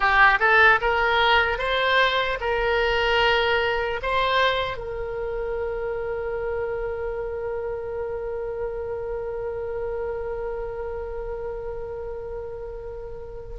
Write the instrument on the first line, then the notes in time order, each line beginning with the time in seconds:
oboe
0.00 G4
0.39 A4
0.81 A#4
1.58 C5
2.40 A#4
4.02 C5
4.77 A#4